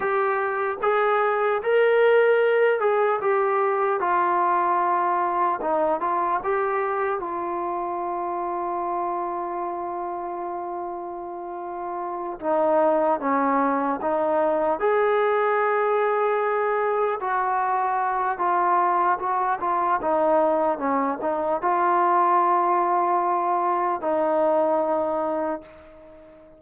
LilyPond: \new Staff \with { instrumentName = "trombone" } { \time 4/4 \tempo 4 = 75 g'4 gis'4 ais'4. gis'8 | g'4 f'2 dis'8 f'8 | g'4 f'2.~ | f'2.~ f'8 dis'8~ |
dis'8 cis'4 dis'4 gis'4.~ | gis'4. fis'4. f'4 | fis'8 f'8 dis'4 cis'8 dis'8 f'4~ | f'2 dis'2 | }